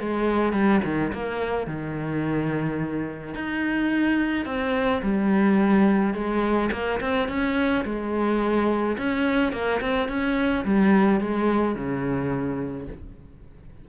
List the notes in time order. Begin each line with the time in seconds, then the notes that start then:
0.00 G#3
0.53 G3
0.84 D#3
1.13 A#3
1.67 D#3
3.34 D#4
4.45 C4
5.02 G3
6.14 G#3
6.72 A#3
7.00 C4
7.28 C#4
7.85 G#3
8.97 C#4
9.52 A#3
9.81 C4
10.08 C#4
10.65 G3
11.20 G#3
11.75 C#3